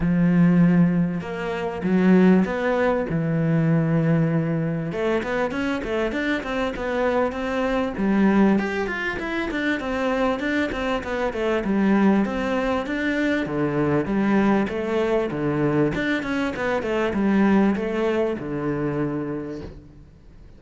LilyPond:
\new Staff \with { instrumentName = "cello" } { \time 4/4 \tempo 4 = 98 f2 ais4 fis4 | b4 e2. | a8 b8 cis'8 a8 d'8 c'8 b4 | c'4 g4 g'8 f'8 e'8 d'8 |
c'4 d'8 c'8 b8 a8 g4 | c'4 d'4 d4 g4 | a4 d4 d'8 cis'8 b8 a8 | g4 a4 d2 | }